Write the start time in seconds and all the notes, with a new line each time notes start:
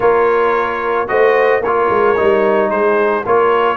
0.00 A#3 F4 A#4 C#5
1.07 A3 F#4 C5 D#5
1.60 A#3 F4 A#4 C#5
1.89 G#3
2.16 G3 D#4
2.70 G#3 G#4 C5
3.24 A#3 F4 A#4 C#5